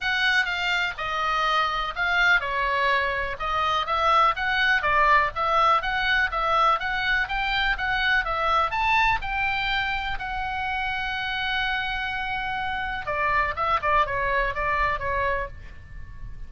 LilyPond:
\new Staff \with { instrumentName = "oboe" } { \time 4/4 \tempo 4 = 124 fis''4 f''4 dis''2 | f''4 cis''2 dis''4 | e''4 fis''4 d''4 e''4 | fis''4 e''4 fis''4 g''4 |
fis''4 e''4 a''4 g''4~ | g''4 fis''2.~ | fis''2. d''4 | e''8 d''8 cis''4 d''4 cis''4 | }